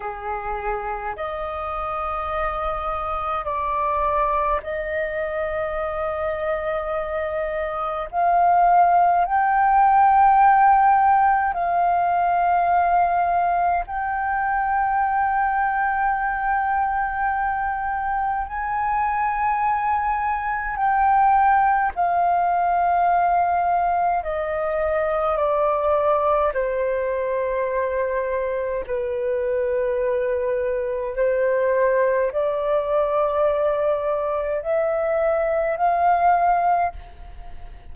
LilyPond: \new Staff \with { instrumentName = "flute" } { \time 4/4 \tempo 4 = 52 gis'4 dis''2 d''4 | dis''2. f''4 | g''2 f''2 | g''1 |
gis''2 g''4 f''4~ | f''4 dis''4 d''4 c''4~ | c''4 b'2 c''4 | d''2 e''4 f''4 | }